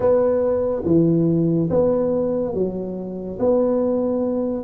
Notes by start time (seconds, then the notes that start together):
0.00 B3
0.85 E3
1.69 B3
2.54 F#3
3.39 B3